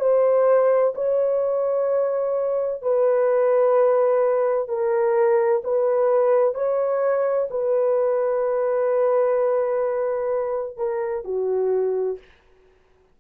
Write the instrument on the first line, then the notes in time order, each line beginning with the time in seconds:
horn
0.00 C5
0.95 C#5
2.82 B4
4.69 A#4
5.65 B4
6.55 C#5
7.50 B4
10.78 A#4
11.25 F#4